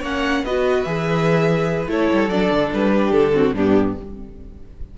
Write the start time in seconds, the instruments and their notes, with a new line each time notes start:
0.00 cello A#3, viola C#4, violin C#5 F#5
0.43 cello B3, viola F#4, violin B4 D#5
0.83 cello E3, viola G#4, violin E5
1.87 cello A3, viola E4, violin A4 C#5
2.12 cello G3
2.28 cello F#3, viola D4, violin D5
2.51 cello D3
2.73 cello G3, violin B4
2.91 violin G4
3.11 cello D3, violin A4
3.33 viola C4, violin F#4
3.53 cello G2, viola B3, violin D4 G4